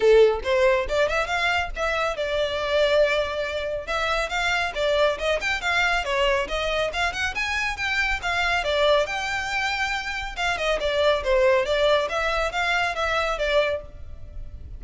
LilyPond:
\new Staff \with { instrumentName = "violin" } { \time 4/4 \tempo 4 = 139 a'4 c''4 d''8 e''8 f''4 | e''4 d''2.~ | d''4 e''4 f''4 d''4 | dis''8 g''8 f''4 cis''4 dis''4 |
f''8 fis''8 gis''4 g''4 f''4 | d''4 g''2. | f''8 dis''8 d''4 c''4 d''4 | e''4 f''4 e''4 d''4 | }